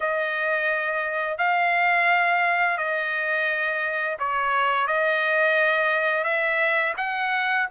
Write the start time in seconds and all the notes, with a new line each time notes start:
0.00 D#5
1.38 F5
2.77 D#5
4.19 C#5
4.87 D#5
6.23 E5
6.97 F#5